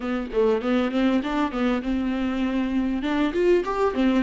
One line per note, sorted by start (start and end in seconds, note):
0.00 0.29 B3
0.33 0.61 A3
0.61 0.91 B3
0.91 1.21 C4
1.23 1.52 D4
1.52 1.82 B3
1.82 3.02 C4
3.02 3.33 D4
3.33 3.63 F4
3.64 3.93 G4
3.93 4.23 C4